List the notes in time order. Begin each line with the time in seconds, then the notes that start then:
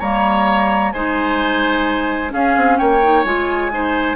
0.00 G3 A#3 C#5 A#5
0.92 G#3 D#4 C5 G#5
2.30 C#4 G#4 F5
2.57 C4
2.78 A#3 C#5 G5
3.03 D#4
3.25 G#3 F4 G#5
3.72 D#4 C5